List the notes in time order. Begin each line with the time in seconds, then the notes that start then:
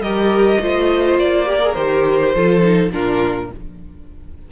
0.00 G3 G4 A#4 D#5
0.61 A3 F4 C5
1.19 A#3 D5
1.46 G4 A#4
1.63 G#4
1.74 D#3 G4 C5
2.35 F3 F4 A4
2.62 D#4
2.92 A#2 D4 F4 A#4